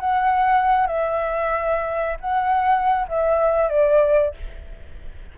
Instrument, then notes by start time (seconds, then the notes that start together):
flute
0.00 F#5
0.87 E5
2.20 F#5
3.09 E5
3.69 D5